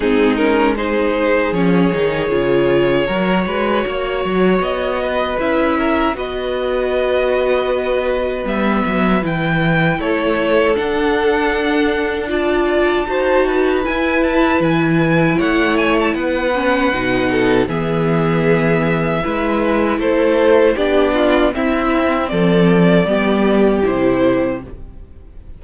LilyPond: <<
  \new Staff \with { instrumentName = "violin" } { \time 4/4 \tempo 4 = 78 gis'8 ais'8 c''4 cis''2~ | cis''2 dis''4 e''4 | dis''2. e''4 | g''4 cis''4 fis''2 |
a''2 gis''8 a''8 gis''4 | fis''8 gis''16 a''16 fis''2 e''4~ | e''2 c''4 d''4 | e''4 d''2 c''4 | }
  \new Staff \with { instrumentName = "violin" } { \time 4/4 dis'4 gis'2. | ais'8 b'8 cis''4. b'4 ais'8 | b'1~ | b'4 a'2. |
d''4 c''8 b'2~ b'8 | cis''4 b'4. a'8 gis'4~ | gis'4 b'4 a'4 g'8 f'8 | e'4 a'4 g'2 | }
  \new Staff \with { instrumentName = "viola" } { \time 4/4 c'8 cis'8 dis'4 cis'8 dis'8 f'4 | fis'2. e'4 | fis'2. b4 | e'2 d'2 |
f'4 fis'4 e'2~ | e'4. cis'8 dis'4 b4~ | b4 e'2 d'4 | c'2 b4 e'4 | }
  \new Staff \with { instrumentName = "cello" } { \time 4/4 gis2 f8 dis8 cis4 | fis8 gis8 ais8 fis8 b4 cis'4 | b2. g8 fis8 | e4 a4 d'2~ |
d'4 dis'4 e'4 e4 | a4 b4 b,4 e4~ | e4 gis4 a4 b4 | c'4 f4 g4 c4 | }
>>